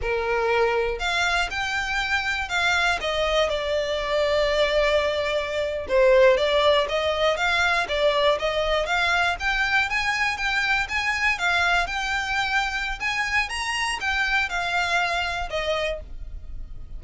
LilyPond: \new Staff \with { instrumentName = "violin" } { \time 4/4 \tempo 4 = 120 ais'2 f''4 g''4~ | g''4 f''4 dis''4 d''4~ | d''2.~ d''8. c''16~ | c''8. d''4 dis''4 f''4 d''16~ |
d''8. dis''4 f''4 g''4 gis''16~ | gis''8. g''4 gis''4 f''4 g''16~ | g''2 gis''4 ais''4 | g''4 f''2 dis''4 | }